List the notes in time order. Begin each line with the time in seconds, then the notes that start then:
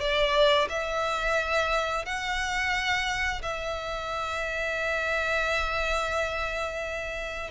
0.00 D5
0.69 E5
2.05 F#5
3.42 E5